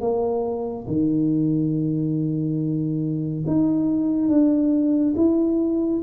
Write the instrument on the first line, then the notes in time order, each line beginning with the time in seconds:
tuba
0.00 A#3
0.87 D#3
3.46 D#4
4.28 D4
5.16 E4